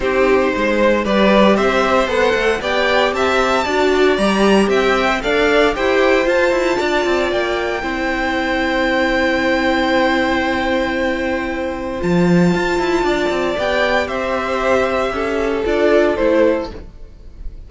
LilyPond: <<
  \new Staff \with { instrumentName = "violin" } { \time 4/4 \tempo 4 = 115 c''2 d''4 e''4 | fis''4 g''4 a''2 | ais''4 g''4 f''4 g''4 | a''2 g''2~ |
g''1~ | g''2. a''4~ | a''2 g''4 e''4~ | e''2 d''4 c''4 | }
  \new Staff \with { instrumentName = "violin" } { \time 4/4 g'4 c''4 b'4 c''4~ | c''4 d''4 e''4 d''4~ | d''4 e''4 d''4 c''4~ | c''4 d''2 c''4~ |
c''1~ | c''1~ | c''4 d''2 c''4~ | c''4 a'2. | }
  \new Staff \with { instrumentName = "viola" } { \time 4/4 dis'2 g'2 | a'4 g'2 fis'4 | g'4.~ g'16 c''16 a'4 g'4 | f'2. e'4~ |
e'1~ | e'2. f'4~ | f'2 g'2~ | g'2 f'4 e'4 | }
  \new Staff \with { instrumentName = "cello" } { \time 4/4 c'4 gis4 g4 c'4 | b8 a8 b4 c'4 d'4 | g4 c'4 d'4 e'4 | f'8 e'8 d'8 c'8 ais4 c'4~ |
c'1~ | c'2. f4 | f'8 e'8 d'8 c'8 b4 c'4~ | c'4 cis'4 d'4 a4 | }
>>